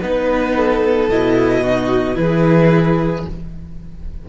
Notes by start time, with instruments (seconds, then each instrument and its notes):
0.00 cello B3, viola D#4, violin B4
0.56 violin A4
1.09 cello B2, viola E4, violin D#5
1.61 viola D#4, violin F#4
2.14 cello E3, viola E4, violin G#4 B4